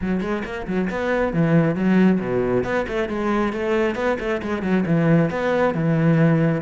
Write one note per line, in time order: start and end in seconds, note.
0.01 0.20 F#3
0.20 0.43 G#3
0.44 0.66 A#3
0.67 0.89 F#3
0.89 1.33 B3
1.33 1.75 E3
1.75 2.19 F#3
2.20 2.64 B2
2.64 2.86 B3
2.87 3.08 A3
3.08 3.52 G#3
3.52 3.95 A3
3.95 4.17 B3
4.19 4.41 A3
4.42 4.62 G#3
4.62 4.84 F#3
4.86 5.30 E3
5.30 5.74 B3
5.74 6.61 E3